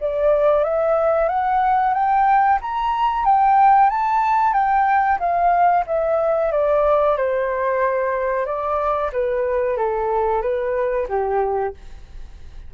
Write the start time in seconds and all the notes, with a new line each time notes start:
0.00 D5
0.64 E5
1.29 F#5
1.94 G5
2.61 A#5
3.25 G5
3.90 A5
4.53 G5
5.19 F5
5.86 E5
6.52 D5
7.17 C5
8.45 D5
9.12 B4
9.76 A4
10.41 B4
11.09 G4